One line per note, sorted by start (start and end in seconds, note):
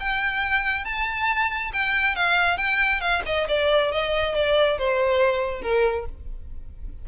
0.00 0.84 G5
0.84 1.71 A5
1.73 2.15 G5
2.15 2.58 F5
2.58 3.01 G5
3.01 3.22 F5
3.26 3.47 D#5
3.48 3.92 D5
3.92 4.35 D#5
4.35 4.78 D5
4.78 5.62 C5
5.62 6.05 A#4